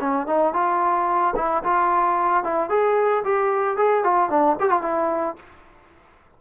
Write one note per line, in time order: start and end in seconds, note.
0.00 0.26 C#4
0.26 0.53 D#4
0.53 1.34 F4
1.36 1.63 E4
1.63 2.43 F4
2.43 2.69 E4
2.69 3.23 G#4
3.24 3.77 G4
3.77 4.03 G#4
4.03 4.29 F4
4.29 4.56 D4
4.59 4.70 G4
4.70 4.82 F4
4.82 5.36 E4